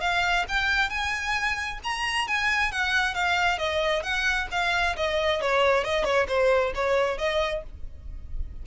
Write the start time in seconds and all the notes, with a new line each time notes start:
0.00 F5
0.48 G5
0.89 G#5
1.83 A#5
2.27 G#5
2.71 F#5
3.14 F5
3.58 D#5
4.02 F#5
4.51 F5
4.96 D#5
5.41 C#5
5.84 D#5
6.04 C#5
6.28 C5
6.74 C#5
7.17 D#5